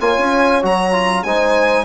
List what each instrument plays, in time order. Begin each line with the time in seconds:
0.00 bassoon A#3, trombone F4, horn C#5, violin G#5
0.18 bassoon C#4
0.62 bassoon F#3, trombone F#4, violin A#5
0.93 trombone F4
1.23 bassoon G#3, trombone D#4, horn C5, violin G#5